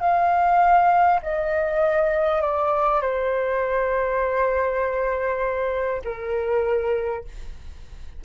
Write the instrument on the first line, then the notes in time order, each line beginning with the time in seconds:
flute
0.00 F5
1.22 D#5
2.42 D5
3.01 C5
6.04 A#4